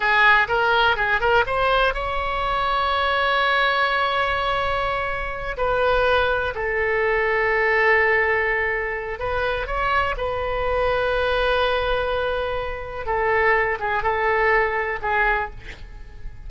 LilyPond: \new Staff \with { instrumentName = "oboe" } { \time 4/4 \tempo 4 = 124 gis'4 ais'4 gis'8 ais'8 c''4 | cis''1~ | cis''2.~ cis''8 b'8~ | b'4. a'2~ a'8~ |
a'2. b'4 | cis''4 b'2.~ | b'2. a'4~ | a'8 gis'8 a'2 gis'4 | }